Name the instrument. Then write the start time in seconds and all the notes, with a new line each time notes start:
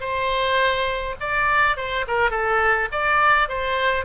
oboe
0.00 C5
1.20 D5
1.76 C5
2.07 A#4
2.31 A4
2.92 D5
3.48 C5